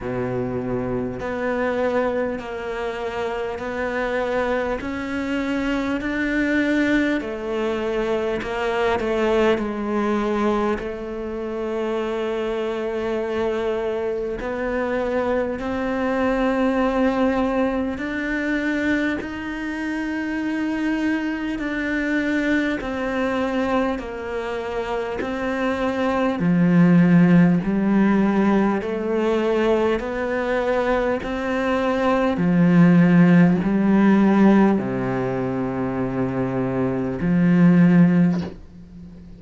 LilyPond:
\new Staff \with { instrumentName = "cello" } { \time 4/4 \tempo 4 = 50 b,4 b4 ais4 b4 | cis'4 d'4 a4 ais8 a8 | gis4 a2. | b4 c'2 d'4 |
dis'2 d'4 c'4 | ais4 c'4 f4 g4 | a4 b4 c'4 f4 | g4 c2 f4 | }